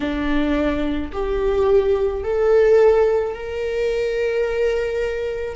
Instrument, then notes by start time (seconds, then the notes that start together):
viola
0.00 D4
1.12 G4
2.23 A4
3.33 A#4